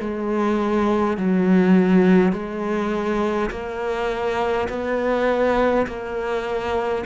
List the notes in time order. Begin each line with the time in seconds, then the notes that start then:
0.00 G#3
1.18 F#3
2.33 G#3
3.51 A#3
4.69 B3
5.87 A#3